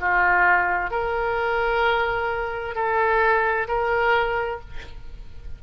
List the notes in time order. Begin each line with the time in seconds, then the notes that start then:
0.00 F4
0.91 A#4
2.75 A4
3.68 A#4